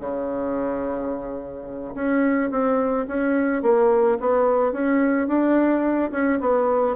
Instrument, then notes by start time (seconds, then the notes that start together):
bassoon
0.00 C#3
1.95 C#4
2.51 C4
3.07 C#4
3.62 A#3
4.20 B3
4.72 C#4
5.28 D4
6.11 C#4
6.40 B3